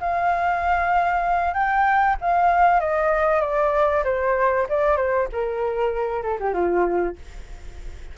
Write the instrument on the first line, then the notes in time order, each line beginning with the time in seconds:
flute
0.00 F5
1.54 G5
2.21 F5
2.80 D#5
3.41 D5
4.04 C5
4.69 D5
4.97 C5
5.32 A#4
6.23 A4
6.40 G4
6.53 F4